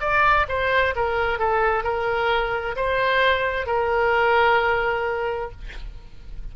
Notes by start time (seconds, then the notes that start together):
0.00 D5
0.48 C5
0.95 A#4
1.38 A4
1.83 A#4
2.76 C5
3.66 A#4